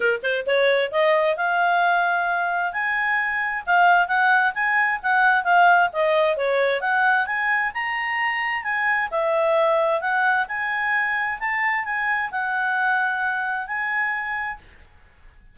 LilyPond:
\new Staff \with { instrumentName = "clarinet" } { \time 4/4 \tempo 4 = 132 ais'8 c''8 cis''4 dis''4 f''4~ | f''2 gis''2 | f''4 fis''4 gis''4 fis''4 | f''4 dis''4 cis''4 fis''4 |
gis''4 ais''2 gis''4 | e''2 fis''4 gis''4~ | gis''4 a''4 gis''4 fis''4~ | fis''2 gis''2 | }